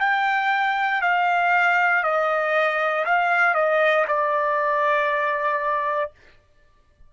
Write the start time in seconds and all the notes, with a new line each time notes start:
0.00 G5
1.02 F5
2.03 D#5
3.06 F5
3.54 D#5
4.07 D5